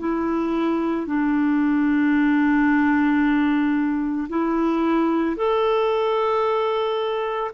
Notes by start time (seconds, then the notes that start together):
0.00 E4
1.07 D4
4.30 E4
5.37 A4